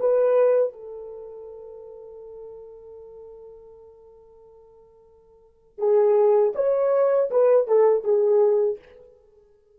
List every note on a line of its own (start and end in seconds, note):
0.00 0.73 B4
0.73 5.78 A4
5.78 6.53 G#4
6.55 7.30 C#5
7.31 7.68 B4
7.68 8.04 A4
8.04 8.79 G#4